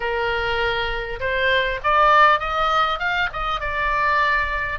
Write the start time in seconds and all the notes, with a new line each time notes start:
0.00 A#4
1.19 C5
1.83 D5
2.39 D#5
2.99 F5
3.32 D#5
3.60 D5